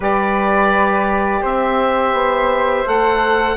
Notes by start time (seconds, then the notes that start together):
0.00 G3 G4 B4 D5
1.41 C4 C5 E5
2.12 B3
2.85 A3 A4 F#5